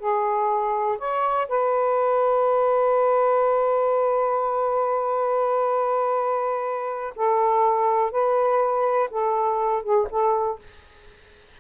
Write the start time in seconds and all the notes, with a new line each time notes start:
0.00 G#4
0.99 C#5
1.49 B4
7.16 A4
8.12 B4
9.11 A4
9.83 G#4
10.10 A4